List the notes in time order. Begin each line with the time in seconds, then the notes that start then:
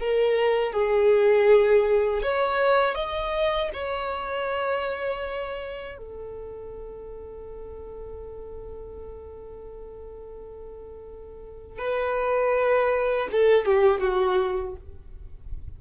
0.00 A#4
0.73 G#4
2.23 C#5
2.96 D#5
3.74 C#5
5.98 A4
11.79 B4
13.32 A4
13.66 G4
14.01 F#4